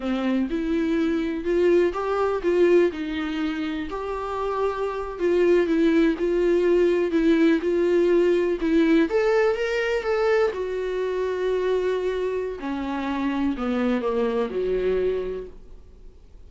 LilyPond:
\new Staff \with { instrumentName = "viola" } { \time 4/4 \tempo 4 = 124 c'4 e'2 f'4 | g'4 f'4 dis'2 | g'2~ g'8. f'4 e'16~ | e'8. f'2 e'4 f'16~ |
f'4.~ f'16 e'4 a'4 ais'16~ | ais'8. a'4 fis'2~ fis'16~ | fis'2 cis'2 | b4 ais4 fis2 | }